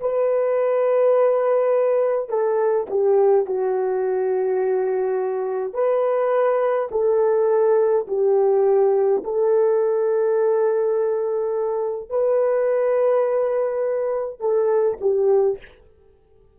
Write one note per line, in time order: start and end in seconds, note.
0.00 2.29 B4
2.29 2.87 A4
2.90 3.46 G4
3.46 5.73 F#4
5.73 6.89 B4
6.91 8.07 A4
8.08 9.23 G4
9.24 12.09 A4
12.09 14.40 B4
14.40 14.97 A4
15.01 15.58 G4